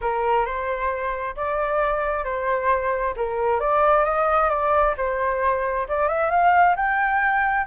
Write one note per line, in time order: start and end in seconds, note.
0.01 0.45 A#4
0.45 1.35 C5
1.35 2.24 D5
2.24 3.14 C5
3.16 3.60 A#4
3.60 4.04 D5
4.04 4.49 D#5
4.49 4.94 D5
4.97 5.87 C5
5.88 6.08 D5
6.08 6.30 E5
6.30 6.75 F5
6.76 7.66 G5